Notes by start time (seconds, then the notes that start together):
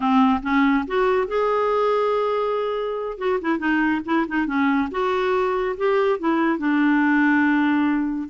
0.00 C4
0.42 C#4
0.87 F#4
1.27 G#4
3.18 F#4
3.41 E4
3.58 D#4
4.05 E4
4.27 D#4
4.46 C#4
4.91 F#4
5.77 G4
6.19 E4
6.58 D4